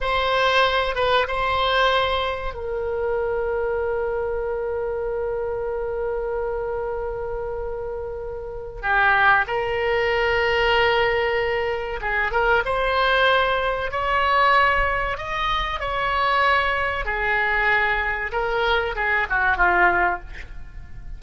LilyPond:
\new Staff \with { instrumentName = "oboe" } { \time 4/4 \tempo 4 = 95 c''4. b'8 c''2 | ais'1~ | ais'1~ | ais'2 g'4 ais'4~ |
ais'2. gis'8 ais'8 | c''2 cis''2 | dis''4 cis''2 gis'4~ | gis'4 ais'4 gis'8 fis'8 f'4 | }